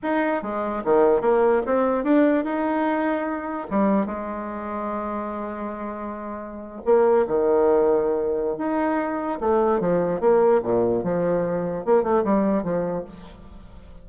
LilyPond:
\new Staff \with { instrumentName = "bassoon" } { \time 4/4 \tempo 4 = 147 dis'4 gis4 dis4 ais4 | c'4 d'4 dis'2~ | dis'4 g4 gis2~ | gis1~ |
gis8. ais4 dis2~ dis16~ | dis4 dis'2 a4 | f4 ais4 ais,4 f4~ | f4 ais8 a8 g4 f4 | }